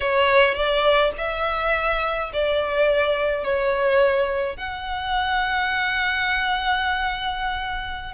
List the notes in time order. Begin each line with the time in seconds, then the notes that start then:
0.00 C#5
0.54 D5
1.17 E5
2.33 D5
3.44 C#5
4.56 F#5